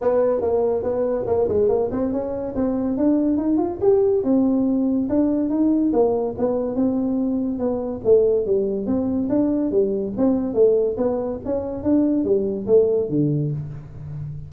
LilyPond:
\new Staff \with { instrumentName = "tuba" } { \time 4/4 \tempo 4 = 142 b4 ais4 b4 ais8 gis8 | ais8 c'8 cis'4 c'4 d'4 | dis'8 f'8 g'4 c'2 | d'4 dis'4 ais4 b4 |
c'2 b4 a4 | g4 c'4 d'4 g4 | c'4 a4 b4 cis'4 | d'4 g4 a4 d4 | }